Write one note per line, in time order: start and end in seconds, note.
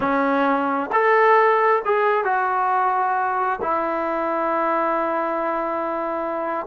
0.00 0.90 C#4
0.92 1.82 A4
1.85 2.24 G#4
2.24 3.59 F#4
3.62 6.66 E4